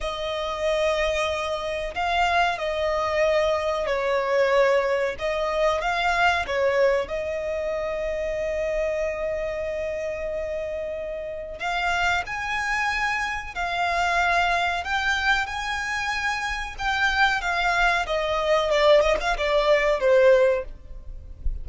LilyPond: \new Staff \with { instrumentName = "violin" } { \time 4/4 \tempo 4 = 93 dis''2. f''4 | dis''2 cis''2 | dis''4 f''4 cis''4 dis''4~ | dis''1~ |
dis''2 f''4 gis''4~ | gis''4 f''2 g''4 | gis''2 g''4 f''4 | dis''4 d''8 dis''16 f''16 d''4 c''4 | }